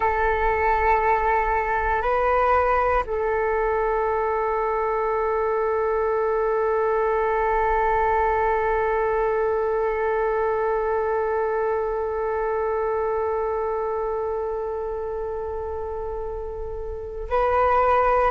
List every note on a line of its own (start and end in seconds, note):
0.00 2.02 A4
2.02 3.03 B4
3.06 17.29 A4
17.29 18.31 B4